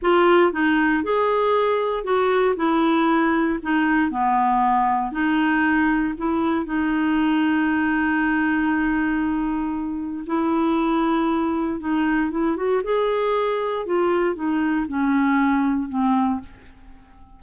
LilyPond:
\new Staff \with { instrumentName = "clarinet" } { \time 4/4 \tempo 4 = 117 f'4 dis'4 gis'2 | fis'4 e'2 dis'4 | b2 dis'2 | e'4 dis'2.~ |
dis'1 | e'2. dis'4 | e'8 fis'8 gis'2 f'4 | dis'4 cis'2 c'4 | }